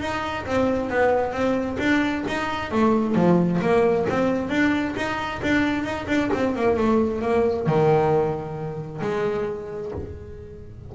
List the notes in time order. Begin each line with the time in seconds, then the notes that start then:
0.00 D#4
0.45 C4
0.89 B3
1.32 C4
1.79 D4
2.27 D#4
2.71 A3
3.15 F3
3.61 A#3
4.09 C4
4.49 D4
4.96 D#4
5.42 D4
5.84 D#4
6.07 D4
6.33 C4
6.56 A#3
6.77 A3
7.21 A#3
7.66 D#3
9.01 G#3